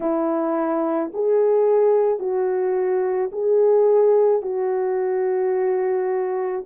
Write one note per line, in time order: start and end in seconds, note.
0.00 1.11 E4
1.13 2.19 G#4
2.19 3.30 F#4
3.32 4.42 G#4
4.42 6.64 F#4